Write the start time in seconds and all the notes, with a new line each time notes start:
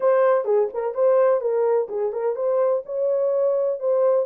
0.00 C5
0.44 G#4
0.73 A#4
0.94 C5
1.40 A#4
1.88 G#4
2.12 A#4
2.35 C5
2.85 C#5
3.79 C5